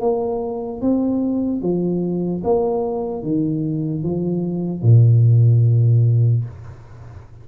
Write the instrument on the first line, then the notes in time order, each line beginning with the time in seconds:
tuba
0.00 A#3
0.81 C4
1.61 F3
2.43 A#3
3.22 D#3
4.03 F3
4.82 A#2